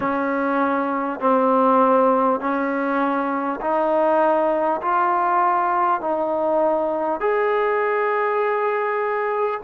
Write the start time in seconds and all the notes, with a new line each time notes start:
0.00 C#4
1.20 C4
2.39 C#4
3.60 D#4
4.81 F4
6.00 D#4
7.20 G#4